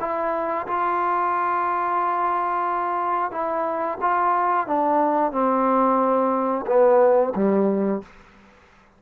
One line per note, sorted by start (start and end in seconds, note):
0.00 0.67 E4
0.67 3.31 F4
3.31 3.98 E4
4.01 4.67 F4
4.67 5.32 D4
5.32 6.65 C4
6.66 7.33 B3
7.35 8.02 G3